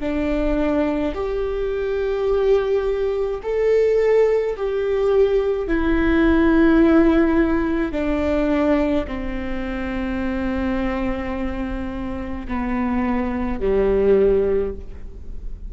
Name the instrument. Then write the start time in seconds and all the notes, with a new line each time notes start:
viola
0.00 D4
1.15 G4
3.43 A4
4.57 G4
5.68 E4
7.92 D4
9.07 C4
12.48 B3
13.60 G3